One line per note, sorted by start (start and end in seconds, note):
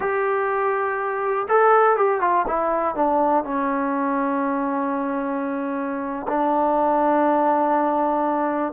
0.00 1.47 G4
1.48 1.96 A4
1.96 2.20 G4
2.21 2.45 F4
2.47 2.95 E4
2.95 3.44 D4
3.44 6.26 C#4
6.28 8.72 D4